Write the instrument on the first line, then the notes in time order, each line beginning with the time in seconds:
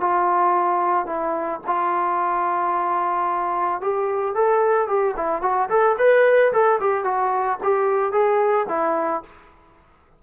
trombone
0.00 F4
1.06 E4
1.67 F4
3.81 G4
4.34 A4
4.87 G4
5.16 E4
5.42 F#4
5.69 A4
5.98 B4
6.52 A4
6.80 G4
7.04 F#4
7.63 G4
8.12 G#4
8.68 E4